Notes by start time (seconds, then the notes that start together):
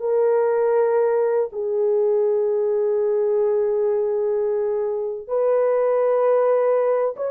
0.00 A#4
1.52 G#4
5.27 B4
7.16 C#5